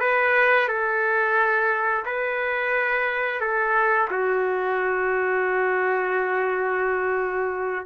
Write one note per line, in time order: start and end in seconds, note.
0.00 0.68 B4
0.68 2.04 A4
2.05 3.40 B4
3.40 4.08 A4
4.10 7.85 F#4